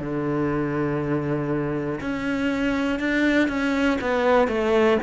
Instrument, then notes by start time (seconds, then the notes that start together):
cello
0.00 D3
2.00 C#4
3.00 D4
3.49 C#4
4.01 B3
4.48 A3